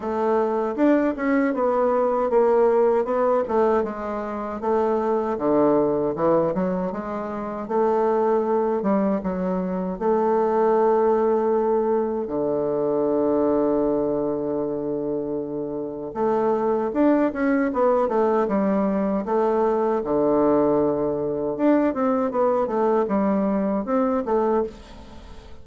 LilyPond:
\new Staff \with { instrumentName = "bassoon" } { \time 4/4 \tempo 4 = 78 a4 d'8 cis'8 b4 ais4 | b8 a8 gis4 a4 d4 | e8 fis8 gis4 a4. g8 | fis4 a2. |
d1~ | d4 a4 d'8 cis'8 b8 a8 | g4 a4 d2 | d'8 c'8 b8 a8 g4 c'8 a8 | }